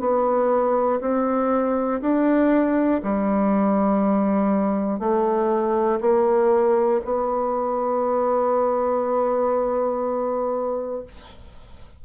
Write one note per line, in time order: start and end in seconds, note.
0.00 1.00 B3
1.01 2.01 C4
2.01 3.01 D4
3.03 5.00 G3
5.00 6.00 A3
6.01 7.01 A#3
7.05 11.05 B3